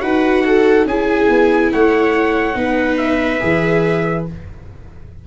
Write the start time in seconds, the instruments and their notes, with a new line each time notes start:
0.00 tuba D#4, viola F#4 B4, trumpet F#5
0.46 viola A4
0.85 tuba C#4, viola E4 G#4, trumpet G#5
1.29 tuba B3
1.72 tuba A3, viola C#5, trumpet F#5
2.54 tuba B3, viola D#4 B4
2.97 trumpet E5
3.39 tuba E3, viola G#4